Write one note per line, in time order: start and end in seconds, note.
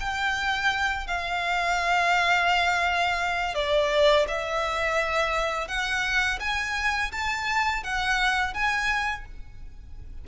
0.00 1.07 G5
1.07 3.55 F5
3.55 4.26 D5
4.28 5.68 E5
5.68 6.39 F#5
6.40 7.11 G#5
7.12 7.83 A5
7.83 8.54 F#5
8.54 9.25 G#5